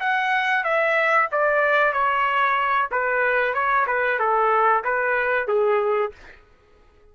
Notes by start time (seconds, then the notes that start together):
0.00 F#5
0.64 E5
1.31 D5
1.93 C#5
2.91 B4
3.54 C#5
3.87 B4
4.19 A4
4.84 B4
5.48 G#4